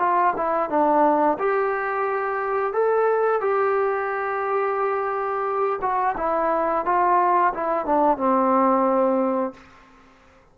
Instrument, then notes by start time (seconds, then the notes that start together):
trombone
0.00 F4
0.37 E4
0.70 D4
1.39 G4
2.74 A4
3.41 G4
5.82 F#4
6.18 E4
6.86 F4
7.54 E4
7.86 D4
8.18 C4